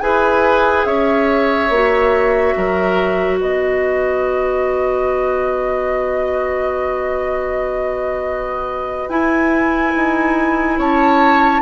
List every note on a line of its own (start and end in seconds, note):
0.00 0.85 E4
0.00 1.70 G#4
0.00 0.86 B4
0.00 0.84 G#5
0.84 1.68 C#4
0.84 2.55 C#5
0.84 3.38 E5
1.68 2.53 A#3
1.68 9.10 F#4
2.56 3.40 F#3
2.56 3.39 A#4
3.39 9.08 B3
3.39 10.78 B4
3.39 9.09 D#5
9.08 9.92 E4
9.08 11.61 E4
9.08 10.78 G#5
9.95 10.78 D#4
10.78 11.61 C#4
10.78 11.61 C#5
10.78 11.61 A5